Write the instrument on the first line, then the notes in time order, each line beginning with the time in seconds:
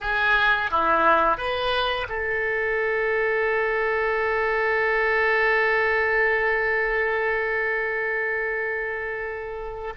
oboe
0.00 G#4
0.70 E4
1.37 B4
2.08 A4